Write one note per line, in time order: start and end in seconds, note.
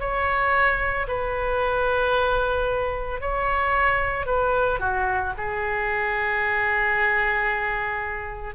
0.00 1.07 C#5
1.08 3.21 B4
3.21 4.26 C#5
4.26 4.80 B4
4.80 5.33 F#4
5.38 8.55 G#4